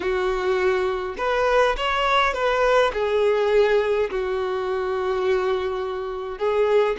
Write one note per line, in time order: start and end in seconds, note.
0.00 1.15 F#4
1.17 1.76 B4
1.77 2.33 C#5
2.33 2.91 B4
2.93 4.09 G#4
4.10 6.38 F#4
6.38 6.96 G#4